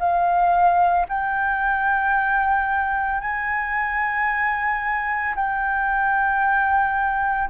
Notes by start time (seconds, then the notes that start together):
0.00 F5
1.09 G5
3.21 G#5
5.36 G5